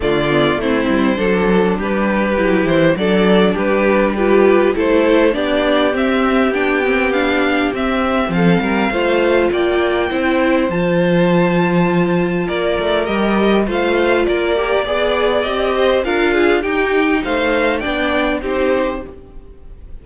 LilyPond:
<<
  \new Staff \with { instrumentName = "violin" } { \time 4/4 \tempo 4 = 101 d''4 c''2 b'4~ | b'8 c''8 d''4 b'4 g'4 | c''4 d''4 e''4 g''4 | f''4 e''4 f''2 |
g''2 a''2~ | a''4 d''4 dis''4 f''4 | d''2 dis''4 f''4 | g''4 f''4 g''4 c''4 | }
  \new Staff \with { instrumentName = "violin" } { \time 4/4 f'4 e'4 a'4 g'4~ | g'4 a'4 g'4 b'4 | a'4 g'2.~ | g'2 a'8 ais'8 c''4 |
d''4 c''2.~ | c''4 ais'2 c''4 | ais'4 d''4. c''8 ais'8 gis'8 | g'4 c''4 d''4 g'4 | }
  \new Staff \with { instrumentName = "viola" } { \time 4/4 a8 b8 c'4 d'2 | e'4 d'2 f'4 | e'4 d'4 c'4 d'8 c'8 | d'4 c'2 f'4~ |
f'4 e'4 f'2~ | f'2 g'4 f'4~ | f'8 g'8 gis'4 g'4 f'4 | dis'2 d'4 dis'4 | }
  \new Staff \with { instrumentName = "cello" } { \time 4/4 d4 a8 g8 fis4 g4 | fis8 e8 fis4 g2 | a4 b4 c'4 b4~ | b4 c'4 f8 g8 a4 |
ais4 c'4 f2~ | f4 ais8 a8 g4 a4 | ais4 b4 c'4 d'4 | dis'4 a4 b4 c'4 | }
>>